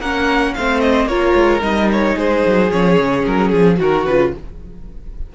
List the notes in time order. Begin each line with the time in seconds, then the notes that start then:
0.00 A#3 C#4 A#4 F#5
0.54 A3 C4 C5 F5
0.80 D#5
1.05 A#3 F4 A#4 C#5
1.35 G#3
1.60 G3 D#4 D#5
1.92 C#5
2.15 G#3 G#4 C5
2.46 F#3
2.71 F3 C#4 C#5
2.99 C#3
3.26 F#3 A#4
3.49 F3 G#4
3.76 D#3 F#4
3.82 A#4
4.05 C#3 F4 B4